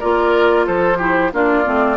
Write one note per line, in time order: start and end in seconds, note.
0.00 0.68 A#3
0.00 0.98 F4
0.00 0.66 A#4
0.00 0.66 D5
0.66 1.33 F3
0.66 0.98 A4
0.66 1.33 C5
0.98 1.31 E4
0.98 1.31 G4
1.33 1.66 A#3
1.33 1.64 D4
1.33 1.97 F4
1.33 1.97 D5
1.64 1.97 A3
1.64 1.97 C4